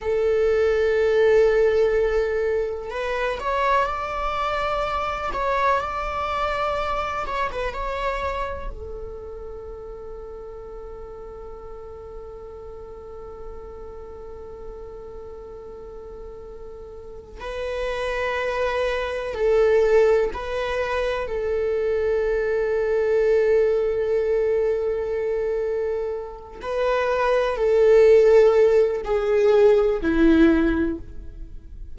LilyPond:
\new Staff \with { instrumentName = "viola" } { \time 4/4 \tempo 4 = 62 a'2. b'8 cis''8 | d''4. cis''8 d''4. cis''16 b'16 | cis''4 a'2.~ | a'1~ |
a'2 b'2 | a'4 b'4 a'2~ | a'2.~ a'8 b'8~ | b'8 a'4. gis'4 e'4 | }